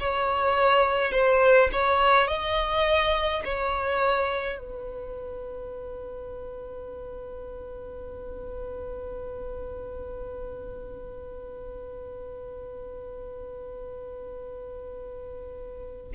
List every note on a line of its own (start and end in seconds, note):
0.00 1.12 C#5
1.12 1.69 C5
1.73 2.28 C#5
2.28 3.43 D#5
3.44 4.58 C#5
4.58 16.12 B4